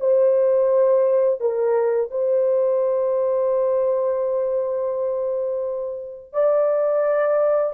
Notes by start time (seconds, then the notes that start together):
0.00 C5
1.41 A#4
2.11 C5
6.33 D5